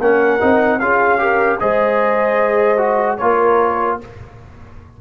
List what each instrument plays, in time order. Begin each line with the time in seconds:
0.00 tuba A#3, trombone C#4, horn A#4, trumpet F#5
0.40 tuba C4, trombone D#4
0.80 tuba C#4, trombone F4, horn G#4, trumpet F5
1.19 trombone G4, horn A#4
1.60 tuba G#3, trombone G#4, horn C5, trumpet D#5
2.78 trombone F#4
3.17 tuba A#3, trombone F4, horn A#4, trumpet C#5